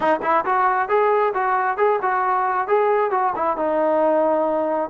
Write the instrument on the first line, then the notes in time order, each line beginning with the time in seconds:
trombone
0.00 D#4
0.22 E4
0.45 F#4
0.88 G#4
1.34 F#4
1.77 G#4
2.02 F#4
2.67 G#4
3.11 F#4
3.35 E4
3.56 D#4